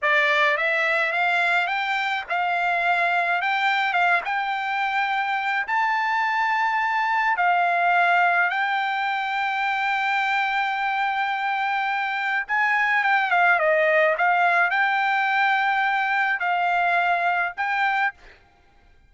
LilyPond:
\new Staff \with { instrumentName = "trumpet" } { \time 4/4 \tempo 4 = 106 d''4 e''4 f''4 g''4 | f''2 g''4 f''8 g''8~ | g''2 a''2~ | a''4 f''2 g''4~ |
g''1~ | g''2 gis''4 g''8 f''8 | dis''4 f''4 g''2~ | g''4 f''2 g''4 | }